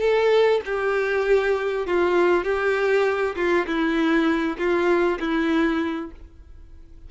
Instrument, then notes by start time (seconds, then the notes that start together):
violin
0.00 A4
0.65 G4
1.87 F4
2.44 G4
3.36 F4
3.66 E4
4.58 F4
5.20 E4